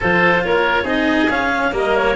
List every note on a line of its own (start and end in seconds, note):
0.00 0.44 F3
0.00 0.85 F4
0.00 0.42 A4
0.00 0.44 C5
0.44 0.84 A#3
0.44 0.83 A#4
0.44 0.87 C#5
0.83 1.27 C4
0.83 1.28 D#4
0.83 1.70 G#4
0.83 1.30 D#5
1.29 1.72 C#4
1.29 1.74 F5
1.72 2.15 G3
1.72 2.15 A#3
1.72 2.15 A#4
1.72 1.96 D#5
1.96 2.15 C#5